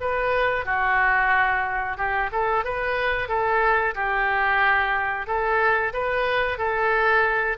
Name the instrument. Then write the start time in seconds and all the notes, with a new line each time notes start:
oboe
0.00 B4
0.65 F#4
1.97 G4
2.32 A4
2.64 B4
3.28 A4
3.95 G4
5.27 A4
5.93 B4
6.58 A4